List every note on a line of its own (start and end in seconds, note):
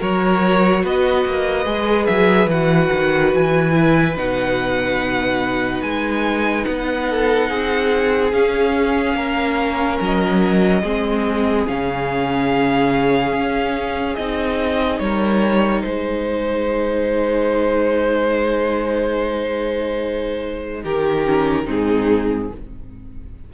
0.00 0.84 F#3
0.00 1.66 F#4
0.00 0.84 A#4
0.00 0.85 C#5
0.84 1.25 B3
0.84 7.09 B4
0.84 2.07 D#5
1.26 1.66 A#3
1.66 2.07 G#3
1.66 2.49 G#4
2.07 2.47 F#3
2.07 2.48 E5
2.47 2.89 E3
2.47 3.72 F#4
2.47 3.34 F#5
2.93 3.34 D#3
3.34 4.17 E3
3.34 4.18 G#5
3.72 4.14 E4
4.17 5.83 B2
4.17 8.34 D#4
4.17 5.83 F#5
5.83 6.66 G#3
5.83 6.65 G#5
6.65 7.50 B3
6.65 8.32 F#5
7.10 7.50 A4
7.50 8.33 C4
7.50 9.16 G#4
8.33 9.15 C#4
8.33 10.84 C#4
8.33 10.00 F5
9.15 9.98 A#3
9.15 10.83 A#4
10.01 10.83 F#3
10.01 11.68 D#5
10.83 11.66 G#3
10.83 11.68 C4
10.83 15.00 G#4
11.68 13.33 C#3
11.68 14.18 C#4
11.68 14.16 F5
13.33 14.16 C#4
14.16 15.00 C4
14.16 21.25 D#4
14.16 14.99 D#5
14.99 15.84 G3
14.99 15.86 A#4
14.99 15.83 C#5
15.83 20.85 G#3
15.83 20.84 G#4
15.83 20.83 C5
20.84 21.68 D#3
20.84 21.65 G4
20.84 21.69 A#4
21.25 21.66 C#4
21.65 22.52 G#2
21.65 22.49 C4
21.65 22.48 D#4
21.65 22.54 G#4